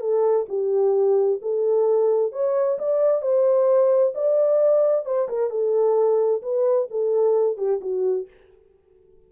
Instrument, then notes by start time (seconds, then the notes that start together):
horn
0.00 A4
0.48 G4
1.41 A4
2.32 C#5
2.78 D5
3.21 C5
4.14 D5
5.05 C5
5.28 A#4
5.50 A4
6.42 B4
6.90 A4
7.57 G4
7.81 F#4